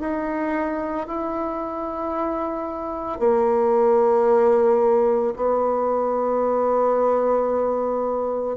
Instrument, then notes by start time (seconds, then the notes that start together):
bassoon
0.00 D#4
1.07 E4
3.19 A#3
5.36 B3